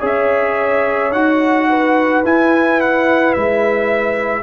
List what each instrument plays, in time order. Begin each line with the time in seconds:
0.00 tuba C#4, trombone G#4, horn C#5, trumpet E5
1.12 tuba D#4, trombone F#4, trumpet F#5
1.69 horn B4
2.24 tuba E4, trombone E4, trumpet G#5
2.81 trumpet F#5
3.33 tuba G#3, trumpet E5